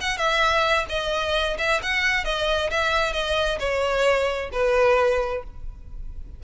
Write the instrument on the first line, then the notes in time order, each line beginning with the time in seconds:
violin
0.00 F#5
0.17 E5
0.89 D#5
1.58 E5
1.82 F#5
2.24 D#5
2.70 E5
3.13 D#5
3.59 C#5
4.52 B4